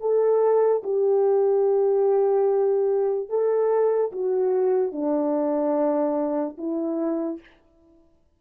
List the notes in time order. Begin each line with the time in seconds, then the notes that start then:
0.00 A4
0.83 G4
3.29 A4
4.11 F#4
4.92 D4
6.57 E4